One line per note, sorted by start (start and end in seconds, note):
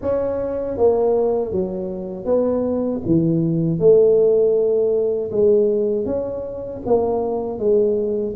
0.01 0.77 C#4
0.77 1.51 A#3
1.51 2.25 F#3
2.25 3.01 B3
3.05 3.79 E3
3.79 5.31 A3
5.31 6.06 G#3
6.06 6.81 C#4
6.86 7.58 A#3
7.58 8.34 G#3